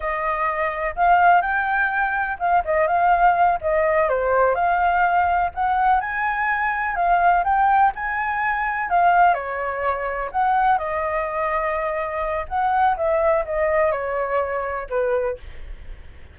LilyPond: \new Staff \with { instrumentName = "flute" } { \time 4/4 \tempo 4 = 125 dis''2 f''4 g''4~ | g''4 f''8 dis''8 f''4. dis''8~ | dis''8 c''4 f''2 fis''8~ | fis''8 gis''2 f''4 g''8~ |
g''8 gis''2 f''4 cis''8~ | cis''4. fis''4 dis''4.~ | dis''2 fis''4 e''4 | dis''4 cis''2 b'4 | }